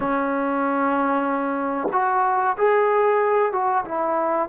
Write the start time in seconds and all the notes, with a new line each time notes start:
0.00 C#4
1.92 F#4
2.57 G#4
3.52 F#4
3.85 E4